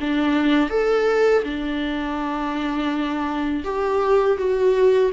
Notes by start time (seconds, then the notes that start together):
0.00 D4
0.70 A4
1.44 D4
3.64 G4
4.38 F#4